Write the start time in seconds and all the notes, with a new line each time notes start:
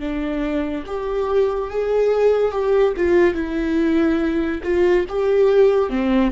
0.00 D4
0.87 G4
1.71 G#4
2.52 G4
2.97 F4
3.35 E4
4.64 F4
5.09 G4
5.90 C4